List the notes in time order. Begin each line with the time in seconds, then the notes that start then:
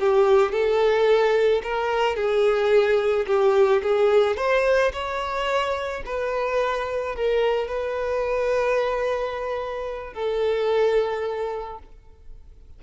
0.00 G4
0.52 A4
1.63 A#4
2.16 G#4
3.27 G4
3.83 G#4
4.37 C5
4.93 C#5
6.06 B4
7.16 A#4
7.68 B4
10.14 A4